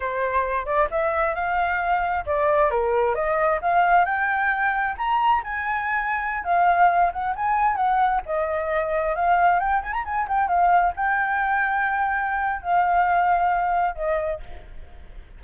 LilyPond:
\new Staff \with { instrumentName = "flute" } { \time 4/4 \tempo 4 = 133 c''4. d''8 e''4 f''4~ | f''4 d''4 ais'4 dis''4 | f''4 g''2 ais''4 | gis''2~ gis''16 f''4. fis''16~ |
fis''16 gis''4 fis''4 dis''4.~ dis''16~ | dis''16 f''4 g''8 gis''16 ais''16 gis''8 g''8 f''8.~ | f''16 g''2.~ g''8. | f''2. dis''4 | }